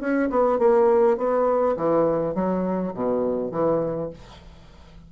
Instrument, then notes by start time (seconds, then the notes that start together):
bassoon
0.00 C#4
0.30 B3
0.59 A#3
1.17 B3
1.76 E3
2.34 F#3
2.94 B2
3.51 E3